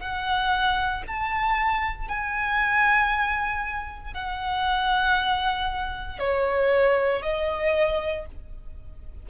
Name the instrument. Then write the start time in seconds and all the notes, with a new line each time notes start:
violin
0.00 F#5
1.08 A5
2.08 G#5
4.14 F#5
6.19 C#5
7.23 D#5